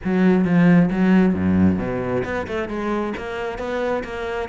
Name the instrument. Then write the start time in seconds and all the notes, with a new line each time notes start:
cello
0.04 F#3
0.45 F3
0.90 F#3
1.34 F#2
1.78 B2
2.24 B3
2.47 A3
2.68 G#3
3.17 A#3
3.58 B3
4.04 A#3